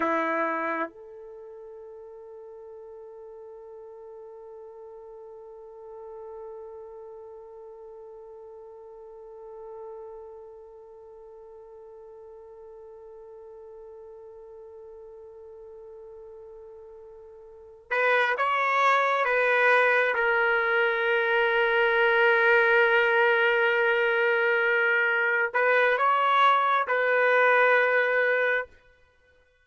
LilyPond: \new Staff \with { instrumentName = "trumpet" } { \time 4/4 \tempo 4 = 67 e'4 a'2.~ | a'1~ | a'1~ | a'1~ |
a'1 | b'8 cis''4 b'4 ais'4.~ | ais'1~ | ais'8 b'8 cis''4 b'2 | }